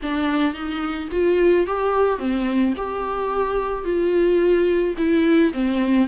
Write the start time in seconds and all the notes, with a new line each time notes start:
0.02 D4
0.54 D#4
1.11 F4
1.67 G4
2.18 C4
2.76 G4
3.84 F4
4.97 E4
5.53 C4